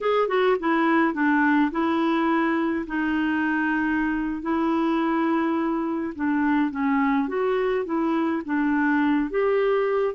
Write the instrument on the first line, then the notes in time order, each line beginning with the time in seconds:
clarinet
0.01 G#4
0.28 F#4
0.59 E4
1.13 D4
1.71 E4
2.86 D#4
4.42 E4
6.15 D4
6.70 C#4
7.28 F#4
7.85 E4
8.45 D4
9.30 G4